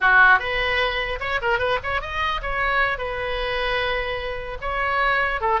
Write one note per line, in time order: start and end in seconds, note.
0.01 0.39 F#4
0.39 1.19 B4
1.20 1.40 C#5
1.41 1.58 A#4
1.58 1.78 B4
1.83 2.01 C#5
2.01 2.41 D#5
2.41 2.98 C#5
2.98 4.58 B4
4.61 5.40 C#5
5.40 5.60 A4